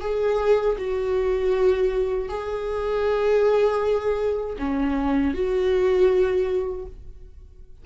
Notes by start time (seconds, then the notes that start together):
0.00 G#4
0.78 F#4
2.29 G#4
4.59 C#4
5.34 F#4